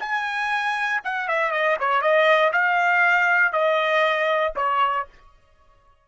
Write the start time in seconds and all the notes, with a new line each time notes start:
0.00 G#5
1.04 F#5
1.28 E5
1.51 D#5
1.80 C#5
2.01 D#5
2.53 F5
3.53 D#5
4.56 C#5